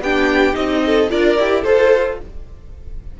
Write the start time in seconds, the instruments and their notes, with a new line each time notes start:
0.00 cello B3, viola D4, violin G4 G5
0.52 cello C4, viola D#4, violin D#5
0.85 violin A4
1.09 cello D4, viola F4, violin A#4 D5
1.38 cello E4, viola G4
1.61 cello F4, violin A4 C5, viola A4